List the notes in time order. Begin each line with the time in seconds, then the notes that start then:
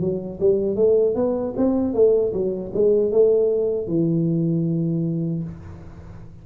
0.00 F#3
0.40 G3
0.76 A3
1.15 B3
1.57 C4
1.94 A3
2.33 F#3
2.74 G#3
3.11 A3
3.87 E3